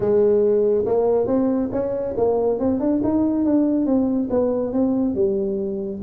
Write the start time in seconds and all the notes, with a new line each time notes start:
0.00 G#3
0.85 A#3
1.26 C4
1.72 C#4
2.16 A#3
2.59 C4
2.80 D4
3.03 D#4
3.45 D4
3.86 C4
4.30 B3
4.72 C4
5.14 G3